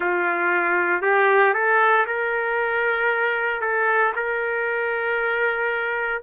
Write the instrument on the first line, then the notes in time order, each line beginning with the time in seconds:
trumpet
0.00 F4
1.02 G4
1.54 A4
2.06 A#4
3.61 A4
4.15 A#4